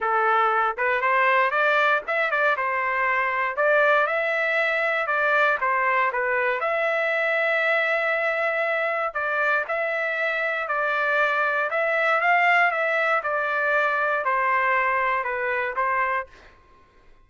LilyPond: \new Staff \with { instrumentName = "trumpet" } { \time 4/4 \tempo 4 = 118 a'4. b'8 c''4 d''4 | e''8 d''8 c''2 d''4 | e''2 d''4 c''4 | b'4 e''2.~ |
e''2 d''4 e''4~ | e''4 d''2 e''4 | f''4 e''4 d''2 | c''2 b'4 c''4 | }